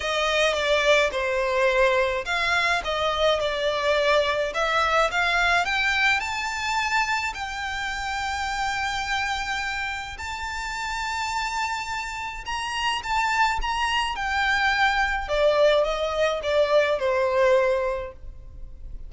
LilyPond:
\new Staff \with { instrumentName = "violin" } { \time 4/4 \tempo 4 = 106 dis''4 d''4 c''2 | f''4 dis''4 d''2 | e''4 f''4 g''4 a''4~ | a''4 g''2.~ |
g''2 a''2~ | a''2 ais''4 a''4 | ais''4 g''2 d''4 | dis''4 d''4 c''2 | }